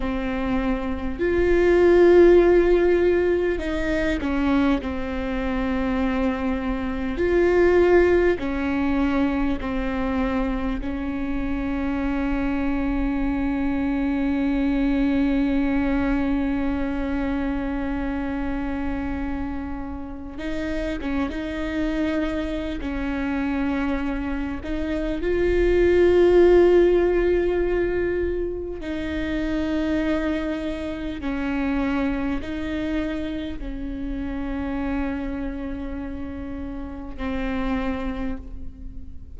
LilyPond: \new Staff \with { instrumentName = "viola" } { \time 4/4 \tempo 4 = 50 c'4 f'2 dis'8 cis'8 | c'2 f'4 cis'4 | c'4 cis'2.~ | cis'1~ |
cis'4 dis'8 cis'16 dis'4~ dis'16 cis'4~ | cis'8 dis'8 f'2. | dis'2 cis'4 dis'4 | cis'2. c'4 | }